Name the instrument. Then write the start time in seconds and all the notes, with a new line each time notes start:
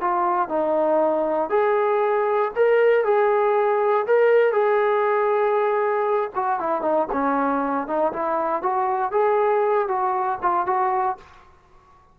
trombone
0.00 F4
0.48 D#4
1.50 G#4
2.55 A#4
3.04 G#4
4.07 A#4
4.52 G#4
6.35 F#4
6.59 E4
6.81 D#4
7.12 C#4
7.87 D#4
8.13 E4
8.62 F#4
9.11 G#4
9.88 F#4
10.42 F4
10.66 F#4